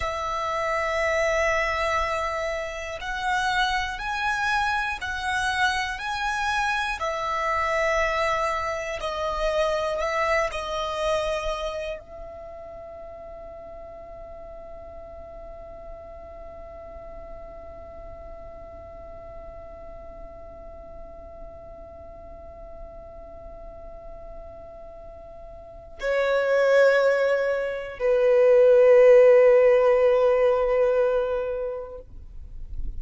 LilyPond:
\new Staff \with { instrumentName = "violin" } { \time 4/4 \tempo 4 = 60 e''2. fis''4 | gis''4 fis''4 gis''4 e''4~ | e''4 dis''4 e''8 dis''4. | e''1~ |
e''1~ | e''1~ | e''2 cis''2 | b'1 | }